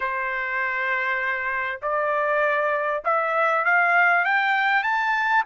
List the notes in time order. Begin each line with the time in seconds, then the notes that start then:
0.00 C5
1.82 D5
3.04 E5
3.64 F5
4.25 G5
4.83 A5